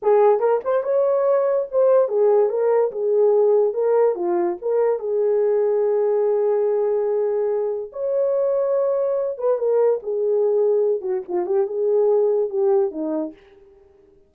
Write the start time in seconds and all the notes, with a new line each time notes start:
0.02 G#4
0.39 A#4
0.64 C5
0.83 C#5
1.71 C5
2.08 G#4
2.49 A#4
2.91 G#4
3.73 A#4
4.15 F4
4.61 A#4
4.99 G#4
7.92 C#5
9.38 B4
9.58 A#4
10.02 G#4
11.01 F#4
11.28 F4
11.46 G4
11.66 G#4
12.49 G4
12.91 D#4